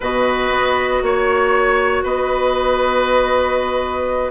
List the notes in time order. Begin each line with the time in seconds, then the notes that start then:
0.00 B2 F#4 B4 D#5
0.50 B3
1.02 A#3 C#5
2.03 B3 B4 D#5